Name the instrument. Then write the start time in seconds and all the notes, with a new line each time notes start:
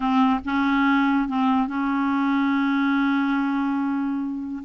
clarinet
0.00 C4
0.44 C#4
1.28 C4
1.67 C#4